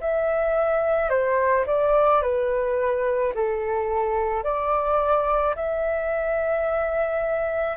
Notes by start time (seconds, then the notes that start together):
0.00 E5
1.09 C5
1.66 D5
2.22 B4
3.34 A4
4.43 D5
5.55 E5